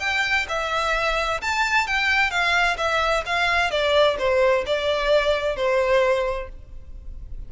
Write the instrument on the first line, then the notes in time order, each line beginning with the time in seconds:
violin
0.00 G5
0.49 E5
1.42 A5
1.87 G5
2.31 F5
2.78 E5
3.26 F5
3.71 D5
4.19 C5
4.67 D5
5.56 C5